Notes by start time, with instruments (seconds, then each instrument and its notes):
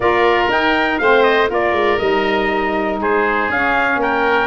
0.00 tuba A#3, saxophone F4, oboe A#4, trumpet D5
0.49 tuba D#4, saxophone D#4, trumpet G5
0.98 tuba A3, saxophone C4, oboe C5, trumpet F5
1.23 trumpet D#5
1.47 tuba A#3, saxophone F4, oboe A#4, trumpet D5
1.72 tuba G#3
1.98 tuba G3, saxophone D#4, trumpet D#5
3.00 tuba G#3, oboe G#4, trumpet C5
3.49 tuba C#4, saxophone C#4, trumpet F5
3.96 tuba A#3, oboe A#4
4.02 trumpet G5